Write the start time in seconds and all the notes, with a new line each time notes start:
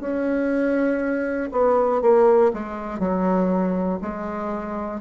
0.00 C#4
1.52 B3
2.01 A#3
2.53 G#3
2.99 F#3
4.02 G#3